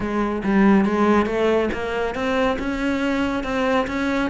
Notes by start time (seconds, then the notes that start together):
0.00 G#3
0.43 G3
0.85 G#3
1.26 A3
1.73 A#3
2.14 C4
2.58 C#4
3.43 C4
3.87 C#4